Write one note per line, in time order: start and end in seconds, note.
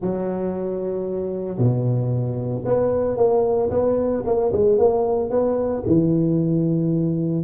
0.01 1.57 F#3
1.57 2.64 B2
2.65 3.16 B3
3.16 3.70 A#3
3.70 4.23 B3
4.25 4.52 A#3
4.52 4.78 G#3
4.78 5.30 A#3
5.30 5.83 B3
5.86 7.43 E3